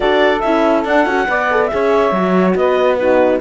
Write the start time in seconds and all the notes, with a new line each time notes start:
0.00 D4 F#4 A4 D5
0.39 C#4 E4 E5
0.85 D4 F#5
1.05 C#4 F#4
1.27 B3 B4 D5
1.51 A4
1.66 G#4 E5
1.72 C#4 C#5
2.11 F#3 F#4
2.55 B3 B4 D#5
2.96 D#4 F#4 B4